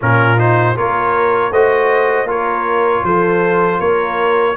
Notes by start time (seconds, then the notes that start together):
0.01 A#2 C#4 F4 A#4
0.37 D#4 C5
0.75 A#3 F4 A#4 C#5
1.51 A3 F#4 C5 D#5
2.25 A#3 F4 A#4 C#5
3.03 F3 A4 C5
3.80 A#3 A#4 C#5